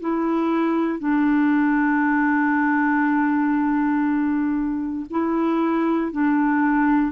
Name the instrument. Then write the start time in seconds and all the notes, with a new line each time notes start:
clarinet
0.00 E4
0.99 D4
5.10 E4
6.12 D4